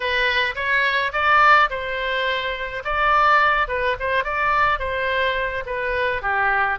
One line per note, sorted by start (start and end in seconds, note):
0.00 0.55 B4
0.55 1.11 C#5
1.12 1.69 D5
1.70 2.83 C5
2.84 3.68 D5
3.68 3.96 B4
3.99 4.23 C5
4.23 4.79 D5
4.79 5.63 C5
5.66 6.22 B4
6.22 6.78 G4